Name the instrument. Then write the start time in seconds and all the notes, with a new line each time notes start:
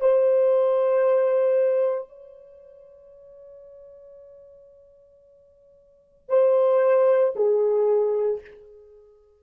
horn
0.00 C5
2.08 C#5
6.29 C5
7.35 G#4